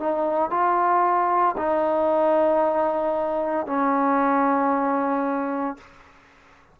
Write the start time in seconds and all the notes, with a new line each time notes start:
0.00 D#4
0.51 F4
1.57 D#4
3.67 C#4